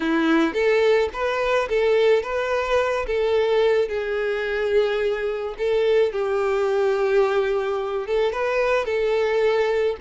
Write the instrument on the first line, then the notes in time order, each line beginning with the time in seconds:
violin
0.00 E4
0.53 A4
1.13 B4
1.68 A4
2.22 B4
3.06 A4
3.88 G#4
5.58 A4
6.12 G4
8.07 A4
8.32 B4
8.85 A4